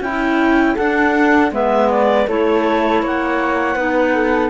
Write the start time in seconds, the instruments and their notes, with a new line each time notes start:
0.00 cello C#4, clarinet E4 G5, flute E4
0.75 cello D4, clarinet D4 F#5, flute A4
1.51 cello G#3, clarinet B3 E5, flute B4
1.90 clarinet D5
2.27 cello A3, clarinet E4 C#5, flute A4
3.02 cello A#3, flute C#5, clarinet F#5
3.75 cello B3, clarinet D#4, flute B4
4.14 flute A4